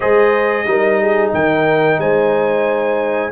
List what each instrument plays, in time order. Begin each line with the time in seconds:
0.00 tuba G#3, trombone G#4, horn C5, trumpet D#5
0.65 tuba G3, trombone D#4, horn A#4
1.00 horn G#4
1.33 tuba D#3, horn A#4, trumpet G5
1.98 tuba G#3, horn C5, trumpet G#5